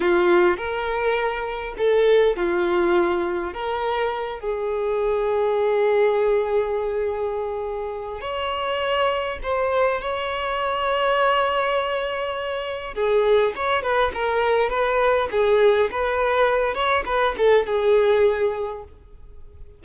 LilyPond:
\new Staff \with { instrumentName = "violin" } { \time 4/4 \tempo 4 = 102 f'4 ais'2 a'4 | f'2 ais'4. gis'8~ | gis'1~ | gis'2 cis''2 |
c''4 cis''2.~ | cis''2 gis'4 cis''8 b'8 | ais'4 b'4 gis'4 b'4~ | b'8 cis''8 b'8 a'8 gis'2 | }